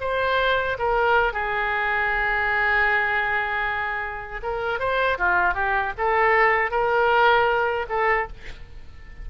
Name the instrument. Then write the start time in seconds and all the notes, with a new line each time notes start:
oboe
0.00 C5
0.78 A#4
1.33 G#4
4.42 A#4
4.79 C5
5.18 F4
5.54 G4
5.98 A4
6.71 A#4
7.89 A4